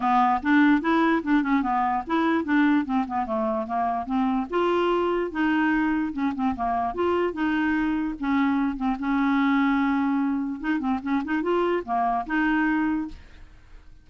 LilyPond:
\new Staff \with { instrumentName = "clarinet" } { \time 4/4 \tempo 4 = 147 b4 d'4 e'4 d'8 cis'8 | b4 e'4 d'4 c'8 b8 | a4 ais4 c'4 f'4~ | f'4 dis'2 cis'8 c'8 |
ais4 f'4 dis'2 | cis'4. c'8 cis'2~ | cis'2 dis'8 c'8 cis'8 dis'8 | f'4 ais4 dis'2 | }